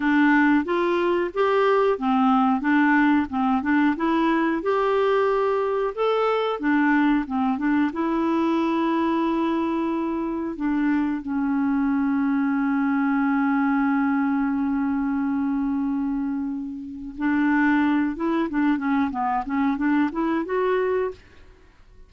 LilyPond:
\new Staff \with { instrumentName = "clarinet" } { \time 4/4 \tempo 4 = 91 d'4 f'4 g'4 c'4 | d'4 c'8 d'8 e'4 g'4~ | g'4 a'4 d'4 c'8 d'8 | e'1 |
d'4 cis'2.~ | cis'1~ | cis'2 d'4. e'8 | d'8 cis'8 b8 cis'8 d'8 e'8 fis'4 | }